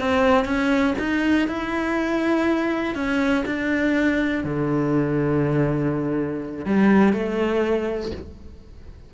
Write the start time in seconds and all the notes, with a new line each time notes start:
0.00 C4
0.46 C#4
0.99 D#4
1.48 E4
2.95 C#4
3.46 D4
4.44 D3
6.66 G3
7.13 A3